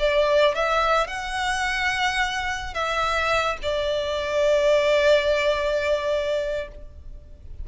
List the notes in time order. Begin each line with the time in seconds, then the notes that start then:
0.00 D5
0.55 E5
1.08 F#5
2.74 E5
3.63 D5